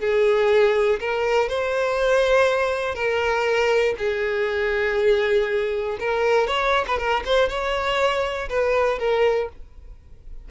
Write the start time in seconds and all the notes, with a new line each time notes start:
0.00 G#4
1.00 A#4
1.49 C5
2.95 A#4
3.98 G#4
6.00 A#4
6.47 C#5
6.88 B4
6.98 A#4
7.25 C5
7.49 C#5
8.50 B4
8.99 A#4